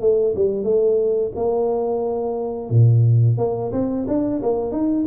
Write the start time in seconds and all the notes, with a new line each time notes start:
0.00 A3
0.35 G3
0.63 A3
1.35 A#3
2.70 A#2
3.37 A#3
3.72 C4
4.08 D4
4.42 A#3
4.71 D#4